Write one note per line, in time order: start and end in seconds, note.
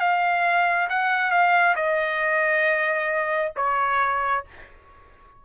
0.00 0.88 F5
0.90 1.31 F#5
1.31 1.75 F5
1.76 3.53 D#5
3.57 4.45 C#5